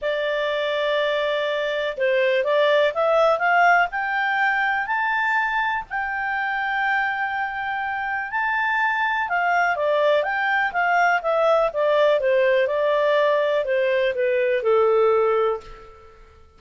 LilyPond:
\new Staff \with { instrumentName = "clarinet" } { \time 4/4 \tempo 4 = 123 d''1 | c''4 d''4 e''4 f''4 | g''2 a''2 | g''1~ |
g''4 a''2 f''4 | d''4 g''4 f''4 e''4 | d''4 c''4 d''2 | c''4 b'4 a'2 | }